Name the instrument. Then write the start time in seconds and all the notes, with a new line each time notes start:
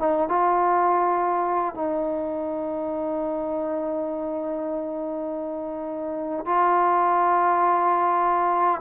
trombone
0.00 D#4
0.29 F4
1.75 D#4
6.46 F4